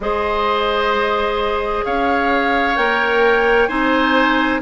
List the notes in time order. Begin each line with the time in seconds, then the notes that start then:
0.00 G#3 G#4 C5 D#5
1.85 C#4 C#5 F5
2.76 A#3 A#4 G5
3.67 C4 D#4 C5 G#5